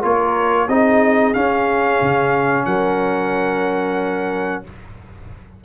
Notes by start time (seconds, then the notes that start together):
0.00 A#3 F4 A#4 C#5
0.68 C4 D#4 G#4 D#5
1.34 C#4 F5
2.01 C#3
2.65 F#3 A#4 F#5